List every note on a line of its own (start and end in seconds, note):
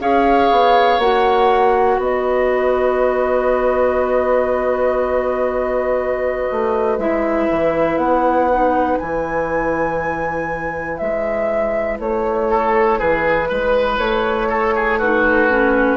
0.00 0.50 C#4
0.00 1.00 G#4
0.00 1.98 C#5
0.00 1.00 F5
0.51 0.98 B3
0.98 1.98 A#3
0.98 7.00 F#4
0.98 2.00 F#5
1.98 6.48 B3
1.98 12.48 B4
1.98 6.99 D#5
6.51 6.98 A3
6.98 7.48 G#3
6.98 8.50 E4
6.98 7.98 E5
7.50 7.97 E3
7.97 8.97 B3
7.97 8.98 F#5
8.52 9.02 D#4
8.98 11.00 E3
8.98 15.01 E4
8.98 10.97 G#5
10.97 11.99 G#3
10.97 11.97 E5
11.99 12.99 A3
11.99 13.00 C#5
12.50 12.99 A4
12.99 13.50 E3
12.99 13.49 G#4
12.99 13.99 B4
13.49 13.98 G#3
13.49 14.49 B4
13.98 15.96 A3
13.98 14.99 C#5
14.49 14.74 A4
14.75 14.99 G#4
14.99 15.49 D#4
14.99 15.96 F#4
14.99 15.96 B4
15.49 15.96 C#4